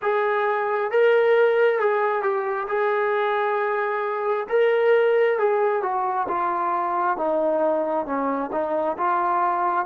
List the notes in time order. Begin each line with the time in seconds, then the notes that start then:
0.02 G#4
0.91 A#4
1.79 G#4
2.22 G4
2.67 G#4
4.49 A#4
5.39 G#4
5.82 F#4
6.28 F4
7.16 D#4
8.06 C#4
8.52 D#4
8.97 F4